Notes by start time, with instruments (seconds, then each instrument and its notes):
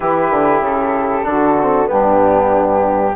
0.00 bassoon E3, trombone E4, saxophone G4, flute B4
0.30 bassoon D3
0.60 bassoon C#3, flute A4
1.23 bassoon D3, trombone D4, saxophone F#4
1.61 trombone C4
1.86 bassoon G2, trombone B3, saxophone D4, flute G4